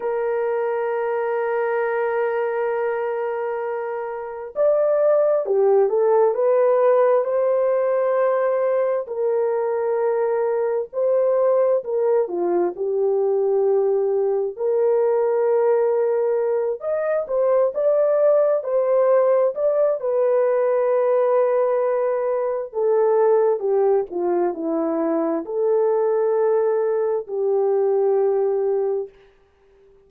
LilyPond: \new Staff \with { instrumentName = "horn" } { \time 4/4 \tempo 4 = 66 ais'1~ | ais'4 d''4 g'8 a'8 b'4 | c''2 ais'2 | c''4 ais'8 f'8 g'2 |
ais'2~ ais'8 dis''8 c''8 d''8~ | d''8 c''4 d''8 b'2~ | b'4 a'4 g'8 f'8 e'4 | a'2 g'2 | }